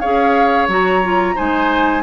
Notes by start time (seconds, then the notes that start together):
0.00 C#4 G#4 C#5 F5
0.68 F#3 F#4 A#5
1.03 F4
1.35 G#3 D#4 C5 G#5